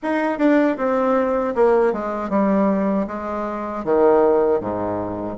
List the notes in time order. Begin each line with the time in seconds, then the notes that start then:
0.02 D#4
0.38 D4
0.77 C4
1.55 A#3
1.92 G#3
2.29 G3
3.07 G#3
3.84 D#3
4.60 G#2